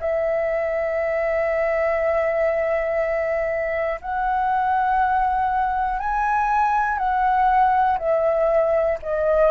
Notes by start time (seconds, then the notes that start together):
0.00 E5
4.01 F#5
6.00 G#5
6.98 F#5
7.99 E5
9.03 D#5